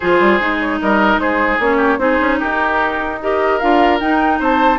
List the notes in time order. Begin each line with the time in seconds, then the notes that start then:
0.00 F3 F4 G#4 C5
0.20 G3
0.40 G#3 D#4
0.60 C#5
0.81 G3 A#4 D#5
1.16 G#3 G#4 C5
1.59 A#3 C#4 C#5
1.77 G4
1.98 C4 D#4 G#4 C5
2.20 C#4
2.39 D#4 G4 A#4
3.21 G4 A#4 D#5
3.59 D4 F4 F5
3.99 D#4 G5
4.39 C4 C5 A5